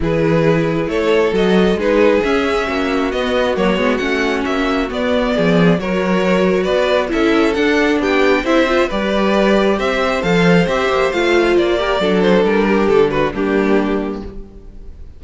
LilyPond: <<
  \new Staff \with { instrumentName = "violin" } { \time 4/4 \tempo 4 = 135 b'2 cis''4 dis''4 | b'4 e''2 dis''4 | cis''4 fis''4 e''4 d''4~ | d''4 cis''2 d''4 |
e''4 fis''4 g''4 e''4 | d''2 e''4 f''4 | e''4 f''4 d''4. c''8 | ais'4 a'8 b'8 g'2 | }
  \new Staff \with { instrumentName = "violin" } { \time 4/4 gis'2 a'2 | gis'2 fis'2~ | fis'1 | gis'4 ais'2 b'4 |
a'2 g'4 c''4 | b'2 c''2~ | c''2~ c''8 ais'8 a'4~ | a'8 g'4 fis'8 d'2 | }
  \new Staff \with { instrumentName = "viola" } { \time 4/4 e'2. fis'4 | dis'4 cis'2 b4 | ais8 b8 cis'2 b4~ | b4 fis'2. |
e'4 d'2 e'8 f'8 | g'2. a'4 | g'4 f'4. g'8 d'4~ | d'2 ais2 | }
  \new Staff \with { instrumentName = "cello" } { \time 4/4 e2 a4 fis4 | gis4 cis'4 ais4 b4 | fis8 gis8 a4 ais4 b4 | f4 fis2 b4 |
cis'4 d'4 b4 c'4 | g2 c'4 f4 | c'8 ais8 a4 ais4 fis4 | g4 d4 g2 | }
>>